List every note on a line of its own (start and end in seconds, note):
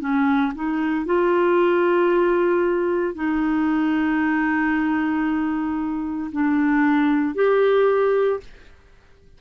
0.00 0.53 C#4
0.55 1.06 D#4
1.06 3.15 F4
3.15 6.31 D#4
6.33 7.35 D4
7.35 8.41 G4